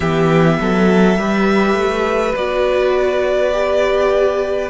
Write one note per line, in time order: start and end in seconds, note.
0.00 0.58 E3
0.00 1.16 B3
0.00 0.57 G4
0.00 2.34 E5
0.60 1.17 F#3
0.60 1.19 A4
1.17 1.74 G3
1.17 2.35 G4
1.17 4.70 B4
1.74 2.32 A3
2.35 4.70 B3
2.35 3.52 F#4
2.35 4.70 D5
3.52 4.70 G4